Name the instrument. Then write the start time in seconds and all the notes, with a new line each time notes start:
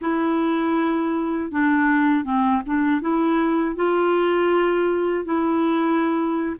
clarinet
0.01 E4
1.51 D4
2.24 C4
2.66 D4
3.01 E4
3.75 F4
5.24 E4